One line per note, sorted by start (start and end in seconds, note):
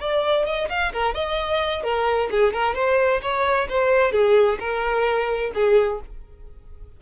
0.00 0.46 D5
0.46 0.69 D#5
0.69 0.92 F5
0.93 1.15 A#4
1.15 1.83 D#5
1.83 2.30 A#4
2.31 2.53 G#4
2.53 2.75 A#4
2.75 3.21 C5
3.22 3.68 C#5
3.69 4.12 C5
4.12 4.58 G#4
4.60 5.52 A#4
5.54 6.00 G#4